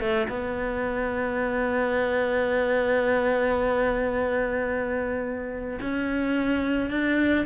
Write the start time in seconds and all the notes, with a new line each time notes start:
0.00 A3
0.29 B3
5.80 C#4
6.91 D4